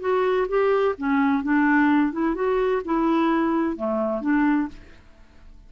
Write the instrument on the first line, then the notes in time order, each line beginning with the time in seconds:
clarinet
0.00 F#4
0.48 G4
0.98 C#4
1.43 D4
2.12 E4
2.35 F#4
2.84 E4
3.76 A3
4.21 D4